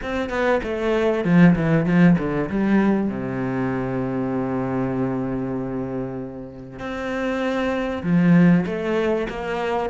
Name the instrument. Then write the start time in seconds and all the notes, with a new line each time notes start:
cello
0.02 C4
0.29 B3
0.63 A3
1.24 F3
1.55 E3
1.85 F3
2.18 D3
2.49 G3
3.08 C3
6.79 C4
8.03 F3
8.65 A3
9.29 A#3